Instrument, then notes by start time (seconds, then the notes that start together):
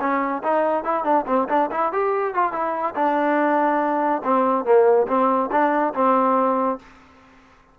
trombone
0.00 C#4
0.43 D#4
0.84 E4
1.04 D4
1.27 C4
1.49 D4
1.71 E4
1.92 G4
2.34 F4
2.52 E4
2.95 D4
4.24 C4
4.65 A#3
5.07 C4
5.51 D4
5.94 C4